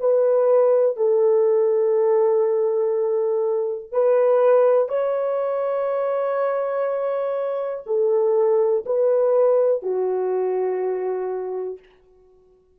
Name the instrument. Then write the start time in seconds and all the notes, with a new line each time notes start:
horn
0.00 B4
0.97 A4
3.92 B4
4.89 C#5
7.86 A4
8.87 B4
9.83 F#4